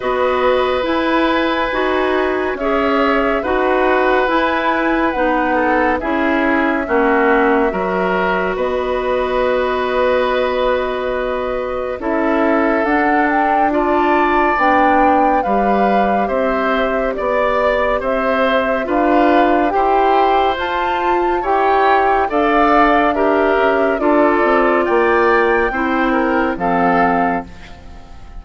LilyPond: <<
  \new Staff \with { instrumentName = "flute" } { \time 4/4 \tempo 4 = 70 dis''4 gis''2 e''4 | fis''4 gis''4 fis''4 e''4~ | e''2 dis''2~ | dis''2 e''4 fis''8 g''8 |
a''4 g''4 f''4 e''4 | d''4 e''4 f''4 g''4 | a''4 g''4 f''4 e''4 | d''4 g''2 f''4 | }
  \new Staff \with { instrumentName = "oboe" } { \time 4/4 b'2. cis''4 | b'2~ b'8 a'8 gis'4 | fis'4 ais'4 b'2~ | b'2 a'2 |
d''2 b'4 c''4 | d''4 c''4 b'4 c''4~ | c''4 cis''4 d''4 ais'4 | a'4 d''4 c''8 ais'8 a'4 | }
  \new Staff \with { instrumentName = "clarinet" } { \time 4/4 fis'4 e'4 fis'4 gis'4 | fis'4 e'4 dis'4 e'4 | cis'4 fis'2.~ | fis'2 e'4 d'4 |
f'4 d'4 g'2~ | g'2 f'4 g'4 | f'4 g'4 a'4 g'4 | f'2 e'4 c'4 | }
  \new Staff \with { instrumentName = "bassoon" } { \time 4/4 b4 e'4 dis'4 cis'4 | dis'4 e'4 b4 cis'4 | ais4 fis4 b2~ | b2 cis'4 d'4~ |
d'4 b4 g4 c'4 | b4 c'4 d'4 e'4 | f'4 e'4 d'4. cis'8 | d'8 c'8 ais4 c'4 f4 | }
>>